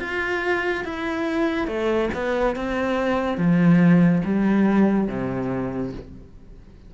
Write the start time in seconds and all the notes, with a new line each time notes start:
0.00 F4
0.85 E4
1.67 A3
2.14 B3
2.56 C4
3.37 F3
4.24 G3
5.08 C3